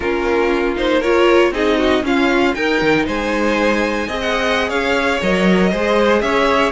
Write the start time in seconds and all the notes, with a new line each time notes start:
0.00 A#3 C#4 F4 A#4
0.76 D#4 C5
0.99 F4 A#4 C#5
1.51 C4 D#4 G#4 D#5
1.78 F#4
2.02 C#4 F4 F5
2.54 D#4 A#4 G5
2.81 D#3
3.06 G#3 C5 G#5
4.07 C4 G#4 D#5
4.20 F#5
4.68 C#4 C#5 F5
5.22 F#3 A#4 D#5
5.71 G#3 G#4 C5
6.20 C#4 C#5 E5